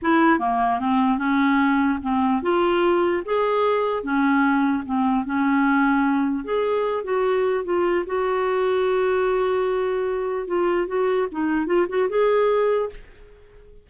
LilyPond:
\new Staff \with { instrumentName = "clarinet" } { \time 4/4 \tempo 4 = 149 e'4 ais4 c'4 cis'4~ | cis'4 c'4 f'2 | gis'2 cis'2 | c'4 cis'2. |
gis'4. fis'4. f'4 | fis'1~ | fis'2 f'4 fis'4 | dis'4 f'8 fis'8 gis'2 | }